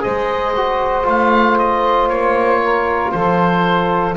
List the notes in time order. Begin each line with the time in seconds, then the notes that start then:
0.00 G#3 G#4 C5 D#5
0.56 F#4
1.03 A3 F4 F5
1.58 D#5
2.08 A#3 C#5
2.61 A#4
3.11 F3 A4 C5